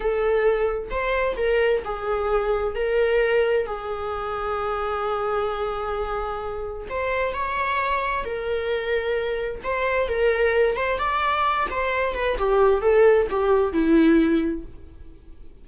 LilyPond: \new Staff \with { instrumentName = "viola" } { \time 4/4 \tempo 4 = 131 a'2 c''4 ais'4 | gis'2 ais'2 | gis'1~ | gis'2. c''4 |
cis''2 ais'2~ | ais'4 c''4 ais'4. c''8 | d''4. c''4 b'8 g'4 | a'4 g'4 e'2 | }